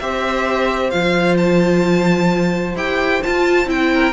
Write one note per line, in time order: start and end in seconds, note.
0.00 0.93 C4
0.00 0.92 G4
0.00 3.94 C5
0.00 0.91 E5
0.91 2.76 F3
0.91 2.76 F4
0.91 1.37 F5
1.38 2.76 A5
2.76 3.22 E4
2.76 3.23 G4
2.76 3.23 G5
3.23 3.67 F4
3.23 3.66 F4
3.23 3.69 A5
3.66 4.13 C4
3.66 4.13 E4
3.66 4.14 G5
3.94 4.14 A#4